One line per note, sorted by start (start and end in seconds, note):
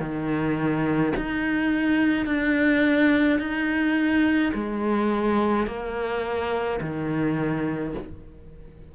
0.00 1.13 D#3
1.17 2.26 D#4
2.26 3.40 D4
3.40 4.53 D#4
4.54 5.67 G#3
5.67 6.80 A#3
6.81 7.95 D#3